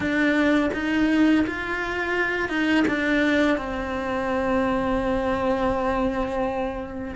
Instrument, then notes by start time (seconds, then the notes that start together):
cello
0.00 D4
0.73 D#4
1.46 F4
2.48 D#4
2.87 D4
3.57 C4